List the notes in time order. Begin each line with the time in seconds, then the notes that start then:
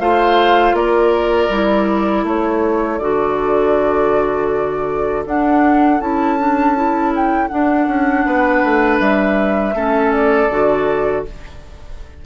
0.00 A3 F4 C5 F5
0.73 A#3 A#4 D5
1.49 G3 E4
2.23 A3 A4 C#5
2.99 D3 F#4 D5
5.25 D4 F#5
6.00 C#4 E4 A5
6.38 D4
6.76 E4
7.16 G5
7.48 D4 F#5
7.87 C#4
8.25 B3 B4
8.64 A3
9.00 G3 E5
9.74 A3 C#4 A4
10.12 D5
10.49 D3 F#4